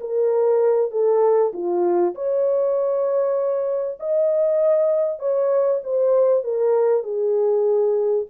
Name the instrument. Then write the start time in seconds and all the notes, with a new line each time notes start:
horn
0.00 A#4
0.91 A4
1.53 F4
2.15 C#5
3.99 D#5
5.19 C#5
5.83 C5
6.43 A#4
7.03 G#4